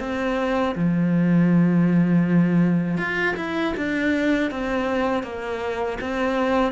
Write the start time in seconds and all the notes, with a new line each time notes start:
0.00 C4
0.75 F3
2.98 F4
3.37 E4
3.77 D4
4.51 C4
5.24 A#3
6.01 C4